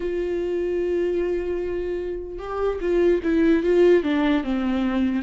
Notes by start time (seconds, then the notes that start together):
0.00 F4
2.39 G4
2.81 F4
3.23 E4
3.63 F4
4.03 D4
4.43 C4